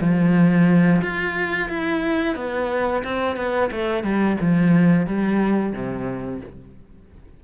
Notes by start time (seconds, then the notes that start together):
0.00 F3
1.01 F4
1.69 E4
2.35 B3
3.04 C4
3.36 B3
3.71 A3
4.03 G3
4.40 F3
5.07 G3
5.73 C3